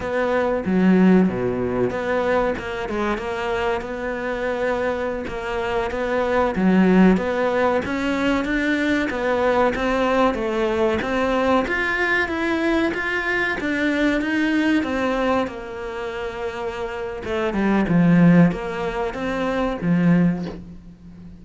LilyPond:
\new Staff \with { instrumentName = "cello" } { \time 4/4 \tempo 4 = 94 b4 fis4 b,4 b4 | ais8 gis8 ais4 b2~ | b16 ais4 b4 fis4 b8.~ | b16 cis'4 d'4 b4 c'8.~ |
c'16 a4 c'4 f'4 e'8.~ | e'16 f'4 d'4 dis'4 c'8.~ | c'16 ais2~ ais8. a8 g8 | f4 ais4 c'4 f4 | }